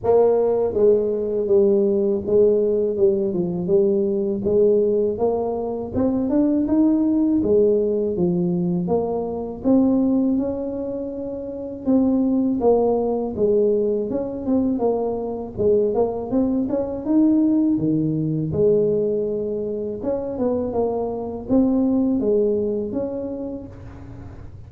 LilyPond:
\new Staff \with { instrumentName = "tuba" } { \time 4/4 \tempo 4 = 81 ais4 gis4 g4 gis4 | g8 f8 g4 gis4 ais4 | c'8 d'8 dis'4 gis4 f4 | ais4 c'4 cis'2 |
c'4 ais4 gis4 cis'8 c'8 | ais4 gis8 ais8 c'8 cis'8 dis'4 | dis4 gis2 cis'8 b8 | ais4 c'4 gis4 cis'4 | }